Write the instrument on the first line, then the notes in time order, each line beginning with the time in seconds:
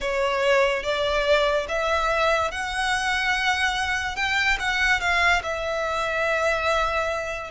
violin
0.00 C#5
0.83 D5
1.68 E5
2.51 F#5
4.16 G5
4.59 F#5
5.00 F5
5.42 E5